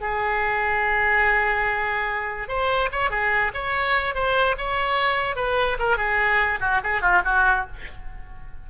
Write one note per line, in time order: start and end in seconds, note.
0.00 2.48 G#4
2.48 2.89 C5
2.92 3.10 C#5
3.10 3.51 G#4
3.53 4.14 C#5
4.14 4.55 C5
4.57 5.35 C#5
5.35 5.77 B4
5.79 5.97 A#4
5.97 6.59 G#4
6.60 6.81 F#4
6.83 7.01 G#4
7.01 7.22 F4
7.24 7.66 F#4